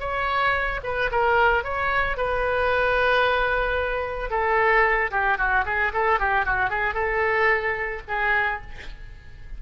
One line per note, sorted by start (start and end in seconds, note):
0.00 0.80 C#5
0.84 1.10 B4
1.11 1.64 A#4
1.64 2.17 C#5
2.17 4.31 B4
4.31 5.11 A4
5.11 5.38 G4
5.38 5.65 F#4
5.65 5.92 G#4
5.93 6.19 A4
6.19 6.46 G4
6.46 6.70 F#4
6.70 6.94 G#4
6.94 8.02 A4
8.08 8.61 G#4